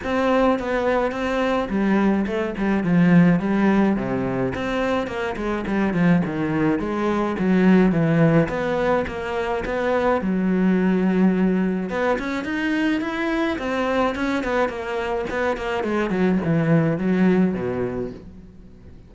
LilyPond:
\new Staff \with { instrumentName = "cello" } { \time 4/4 \tempo 4 = 106 c'4 b4 c'4 g4 | a8 g8 f4 g4 c4 | c'4 ais8 gis8 g8 f8 dis4 | gis4 fis4 e4 b4 |
ais4 b4 fis2~ | fis4 b8 cis'8 dis'4 e'4 | c'4 cis'8 b8 ais4 b8 ais8 | gis8 fis8 e4 fis4 b,4 | }